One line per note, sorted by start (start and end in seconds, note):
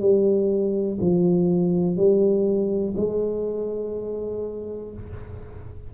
0.00 0.98 G3
1.01 1.97 F3
1.97 2.95 G3
2.96 4.93 G#3